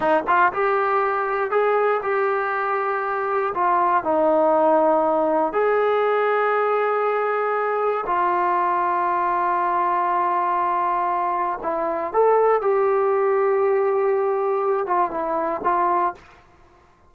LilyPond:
\new Staff \with { instrumentName = "trombone" } { \time 4/4 \tempo 4 = 119 dis'8 f'8 g'2 gis'4 | g'2. f'4 | dis'2. gis'4~ | gis'1 |
f'1~ | f'2. e'4 | a'4 g'2.~ | g'4. f'8 e'4 f'4 | }